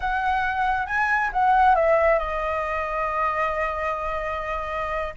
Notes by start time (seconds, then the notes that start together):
0.00 F#5
0.86 G#5
1.32 F#5
1.75 E5
2.18 D#5